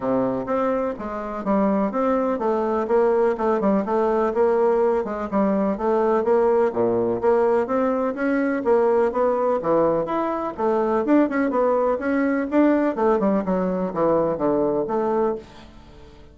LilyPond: \new Staff \with { instrumentName = "bassoon" } { \time 4/4 \tempo 4 = 125 c4 c'4 gis4 g4 | c'4 a4 ais4 a8 g8 | a4 ais4. gis8 g4 | a4 ais4 ais,4 ais4 |
c'4 cis'4 ais4 b4 | e4 e'4 a4 d'8 cis'8 | b4 cis'4 d'4 a8 g8 | fis4 e4 d4 a4 | }